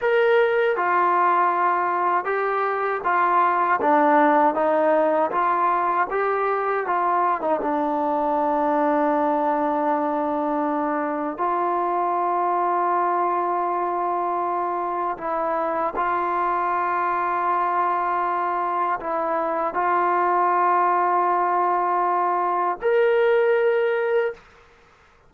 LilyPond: \new Staff \with { instrumentName = "trombone" } { \time 4/4 \tempo 4 = 79 ais'4 f'2 g'4 | f'4 d'4 dis'4 f'4 | g'4 f'8. dis'16 d'2~ | d'2. f'4~ |
f'1 | e'4 f'2.~ | f'4 e'4 f'2~ | f'2 ais'2 | }